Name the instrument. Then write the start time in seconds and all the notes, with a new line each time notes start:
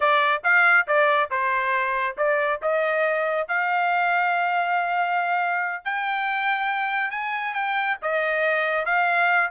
trumpet
0.00 D5
0.43 F5
0.87 D5
1.30 C5
2.17 D5
2.62 D#5
3.48 F5
5.84 G5
7.10 G#5
7.54 G5
8.01 D#5
8.85 F5